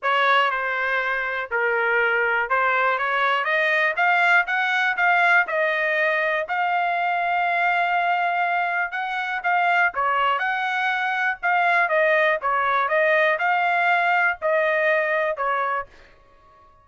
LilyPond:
\new Staff \with { instrumentName = "trumpet" } { \time 4/4 \tempo 4 = 121 cis''4 c''2 ais'4~ | ais'4 c''4 cis''4 dis''4 | f''4 fis''4 f''4 dis''4~ | dis''4 f''2.~ |
f''2 fis''4 f''4 | cis''4 fis''2 f''4 | dis''4 cis''4 dis''4 f''4~ | f''4 dis''2 cis''4 | }